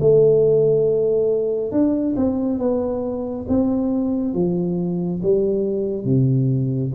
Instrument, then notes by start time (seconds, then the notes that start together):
tuba
0.00 A3
1.72 D4
2.16 C4
2.59 B3
3.49 C4
4.34 F3
5.23 G3
6.05 C3